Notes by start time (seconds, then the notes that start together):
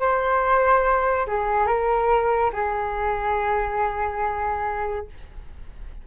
0.00 C5
1.27 G#4
1.67 A#4
2.53 G#4